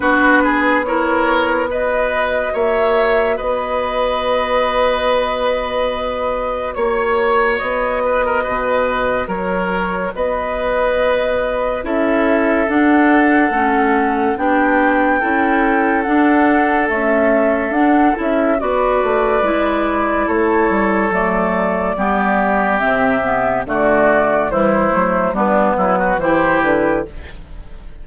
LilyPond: <<
  \new Staff \with { instrumentName = "flute" } { \time 4/4 \tempo 4 = 71 b'4 cis''4 dis''4 e''4 | dis''1 | cis''4 dis''2 cis''4 | dis''2 e''4 fis''4~ |
fis''4 g''2 fis''4 | e''4 fis''8 e''8 d''2 | cis''4 d''2 e''4 | d''4 c''4 b'4 c''8 b'8 | }
  \new Staff \with { instrumentName = "oboe" } { \time 4/4 fis'8 gis'8 ais'4 b'4 cis''4 | b'1 | cis''4. b'16 ais'16 b'4 ais'4 | b'2 a'2~ |
a'4 g'4 a'2~ | a'2 b'2 | a'2 g'2 | fis'4 e'4 d'8 e'16 fis'16 g'4 | }
  \new Staff \with { instrumentName = "clarinet" } { \time 4/4 d'4 e'4 fis'2~ | fis'1~ | fis'1~ | fis'2 e'4 d'4 |
cis'4 d'4 e'4 d'4 | a4 d'8 e'8 fis'4 e'4~ | e'4 a4 b4 c'8 b8 | a4 g8 a8 b4 e'4 | }
  \new Staff \with { instrumentName = "bassoon" } { \time 4/4 b2. ais4 | b1 | ais4 b4 b,4 fis4 | b2 cis'4 d'4 |
a4 b4 cis'4 d'4 | cis'4 d'8 cis'8 b8 a8 gis4 | a8 g8 fis4 g4 c4 | d4 e8 fis8 g8 fis8 e8 d8 | }
>>